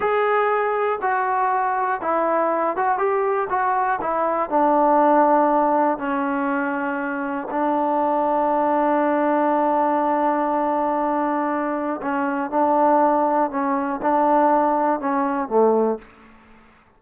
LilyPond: \new Staff \with { instrumentName = "trombone" } { \time 4/4 \tempo 4 = 120 gis'2 fis'2 | e'4. fis'8 g'4 fis'4 | e'4 d'2. | cis'2. d'4~ |
d'1~ | d'1 | cis'4 d'2 cis'4 | d'2 cis'4 a4 | }